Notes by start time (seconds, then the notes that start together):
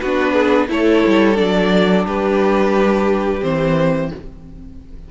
0.00 B3 D4 F#4 B4
0.34 G#4
0.69 A3 E4 A4 C#5
1.07 G3
1.35 F#3 D4 D5
2.06 G3 G4 B4
3.42 E3 C4 C5